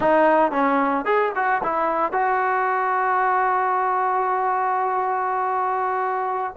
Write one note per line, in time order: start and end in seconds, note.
0.00 0.51 D#4
0.51 1.05 C#4
1.05 1.31 G#4
1.35 1.62 F#4
1.63 2.12 E4
2.12 6.54 F#4